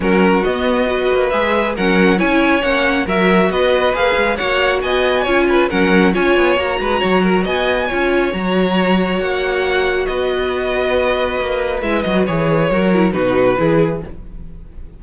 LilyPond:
<<
  \new Staff \with { instrumentName = "violin" } { \time 4/4 \tempo 4 = 137 ais'4 dis''2 e''4 | fis''4 gis''4 fis''4 e''4 | dis''4 f''4 fis''4 gis''4~ | gis''4 fis''4 gis''4 ais''4~ |
ais''4 gis''2 ais''4~ | ais''4 fis''2 dis''4~ | dis''2. e''8 dis''8 | cis''2 b'2 | }
  \new Staff \with { instrumentName = "violin" } { \time 4/4 fis'2 b'2 | ais'4 cis''2 ais'4 | b'2 cis''4 dis''4 | cis''8 b'8 ais'4 cis''4. b'8 |
cis''8 ais'8 dis''4 cis''2~ | cis''2. b'4~ | b'1~ | b'4 ais'4 fis'4 gis'4 | }
  \new Staff \with { instrumentName = "viola" } { \time 4/4 cis'4 b4 fis'4 gis'4 | cis'4 e'4 cis'4 fis'4~ | fis'4 gis'4 fis'2 | f'4 cis'4 f'4 fis'4~ |
fis'2 f'4 fis'4~ | fis'1~ | fis'2. e'8 fis'8 | gis'4 fis'8 e'8 dis'4 e'4 | }
  \new Staff \with { instrumentName = "cello" } { \time 4/4 fis4 b4. ais8 gis4 | fis4 cis'4 ais4 fis4 | b4 ais8 gis8 ais4 b4 | cis'4 fis4 cis'8 b8 ais8 gis8 |
fis4 b4 cis'4 fis4~ | fis4 ais2 b4~ | b2 ais4 gis8 fis8 | e4 fis4 b,4 e4 | }
>>